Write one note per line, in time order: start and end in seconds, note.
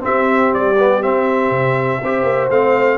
0.00 0.74 C4
0.00 0.54 C4
0.00 2.00 G4
0.00 0.53 E5
0.53 1.04 G3
0.53 1.02 D5
0.78 1.02 B3
1.02 2.01 C4
1.02 1.50 C4
1.02 2.50 E5
1.50 2.00 C3
2.00 2.23 C4
2.00 2.50 G4
2.00 2.97 C5
2.23 2.47 A#3
2.49 2.97 A3
2.49 2.97 C4
2.49 2.97 F5